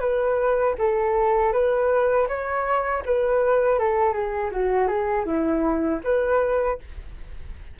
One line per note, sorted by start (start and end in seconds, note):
0.00 0.75 B4
0.78 1.52 A4
1.52 2.27 B4
2.28 3.03 C#5
3.05 3.79 B4
3.79 4.13 A4
4.13 4.50 G#4
4.51 4.88 F#4
4.88 5.25 G#4
5.25 6.00 E4
6.04 6.79 B4